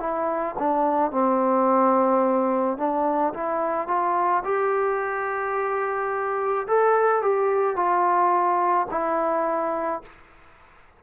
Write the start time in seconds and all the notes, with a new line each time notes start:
0.00 E4
0.59 D4
1.11 C4
2.78 D4
3.34 E4
3.88 F4
4.44 G4
6.67 A4
7.22 G4
7.76 F4
8.91 E4